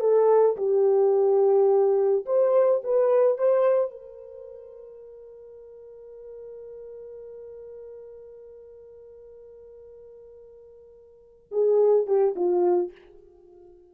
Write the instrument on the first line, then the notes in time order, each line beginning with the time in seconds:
horn
0.00 A4
0.57 G4
2.26 C5
2.83 B4
3.38 C5
3.91 A#4
11.51 G#4
12.07 G4
12.35 F4